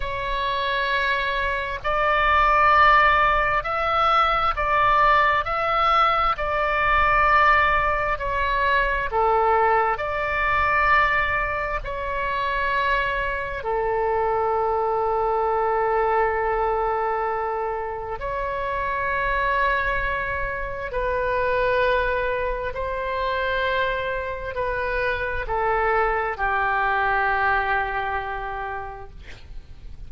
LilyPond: \new Staff \with { instrumentName = "oboe" } { \time 4/4 \tempo 4 = 66 cis''2 d''2 | e''4 d''4 e''4 d''4~ | d''4 cis''4 a'4 d''4~ | d''4 cis''2 a'4~ |
a'1 | cis''2. b'4~ | b'4 c''2 b'4 | a'4 g'2. | }